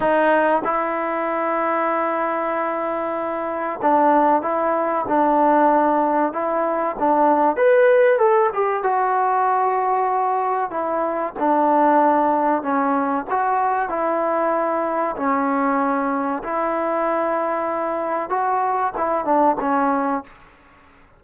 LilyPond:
\new Staff \with { instrumentName = "trombone" } { \time 4/4 \tempo 4 = 95 dis'4 e'2.~ | e'2 d'4 e'4 | d'2 e'4 d'4 | b'4 a'8 g'8 fis'2~ |
fis'4 e'4 d'2 | cis'4 fis'4 e'2 | cis'2 e'2~ | e'4 fis'4 e'8 d'8 cis'4 | }